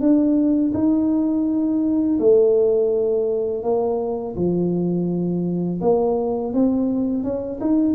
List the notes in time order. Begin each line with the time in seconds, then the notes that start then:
0.00 D4
0.74 D#4
2.19 A3
3.63 A#3
4.36 F3
5.81 A#3
6.53 C4
7.23 C#4
7.61 D#4